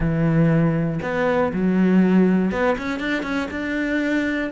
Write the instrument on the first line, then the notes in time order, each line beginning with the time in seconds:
cello
0.00 E3
1.02 B3
1.53 F#3
2.51 B3
2.77 C#4
2.99 D4
3.22 C#4
3.50 D4